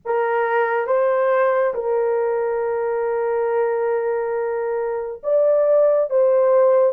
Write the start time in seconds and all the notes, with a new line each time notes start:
0.05 A#4
0.87 C5
1.74 A#4
5.23 D5
6.10 C5